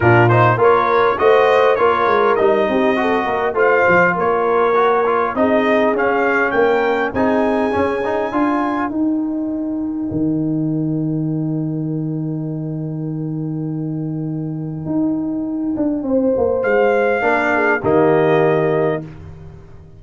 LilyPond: <<
  \new Staff \with { instrumentName = "trumpet" } { \time 4/4 \tempo 4 = 101 ais'8 c''8 cis''4 dis''4 cis''4 | dis''2 f''4 cis''4~ | cis''4 dis''4 f''4 g''4 | gis''2. g''4~ |
g''1~ | g''1~ | g''1 | f''2 dis''2 | }
  \new Staff \with { instrumentName = "horn" } { \time 4/4 f'4 ais'4 c''4 ais'4~ | ais'8 g'8 a'8 ais'8 c''4 ais'4~ | ais'4 gis'2 ais'4 | gis'2 ais'2~ |
ais'1~ | ais'1~ | ais'2. c''4~ | c''4 ais'8 gis'8 g'2 | }
  \new Staff \with { instrumentName = "trombone" } { \time 4/4 d'8 dis'8 f'4 fis'4 f'4 | dis'4 fis'4 f'2 | fis'8 f'8 dis'4 cis'2 | dis'4 cis'8 dis'8 f'4 dis'4~ |
dis'1~ | dis'1~ | dis'1~ | dis'4 d'4 ais2 | }
  \new Staff \with { instrumentName = "tuba" } { \time 4/4 ais,4 ais4 a4 ais8 gis8 | g8 c'4 ais8 a8 f8 ais4~ | ais4 c'4 cis'4 ais4 | c'4 cis'4 d'4 dis'4~ |
dis'4 dis2.~ | dis1~ | dis4 dis'4. d'8 c'8 ais8 | gis4 ais4 dis2 | }
>>